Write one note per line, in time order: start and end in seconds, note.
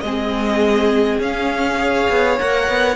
0.00 1.18 G#3
0.00 1.21 C4
0.00 1.80 G#4
0.00 1.18 D#5
1.18 2.06 C#4
1.18 1.78 C#4
1.18 2.38 F5
1.78 2.37 G#4
1.78 2.96 C#5
2.09 2.38 B3
2.38 2.68 A#3
2.38 2.96 A#4
2.38 2.96 F#5
2.68 2.96 B3